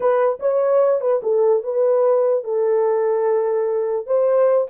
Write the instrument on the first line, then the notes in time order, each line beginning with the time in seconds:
horn
0.00 B4
0.39 C#5
1.01 B4
1.22 A4
1.63 B4
2.43 A4
4.06 C5